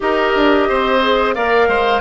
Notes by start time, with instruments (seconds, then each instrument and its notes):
0.00 bassoon D#4, clarinet G4, oboe A#4, flute D#5
0.35 bassoon D4
0.68 bassoon C4, oboe C5
1.01 clarinet G#4
1.34 bassoon A#3, clarinet A#4, oboe D5, flute F5
1.68 bassoon G#3, oboe C5